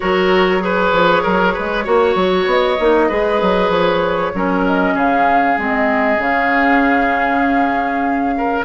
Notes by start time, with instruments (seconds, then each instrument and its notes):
0.00 bassoon F#3, clarinet F#4, oboe A#4, flute C#5
0.59 clarinet G#4, oboe B4
0.92 bassoon F3
1.22 bassoon F#3, oboe A#4
1.53 bassoon G#3, oboe B4
1.84 bassoon A#3, clarinet F#4, oboe C#5
2.15 bassoon F#3
2.45 bassoon B3, flute D#5
2.79 bassoon A#3, clarinet D#4
3.08 bassoon G#3, clarinet G#4, oboe B4
3.41 bassoon F#3
3.69 bassoon F3, flute C#5
4.34 bassoon F#3, clarinet C#4, oboe A#4
4.65 flute D#5
4.94 bassoon C#3, oboe G#4, flute F5
5.57 bassoon G#3, clarinet C4, flute D#5
6.17 bassoon C#3, clarinet C#4, flute F5
8.37 oboe A#4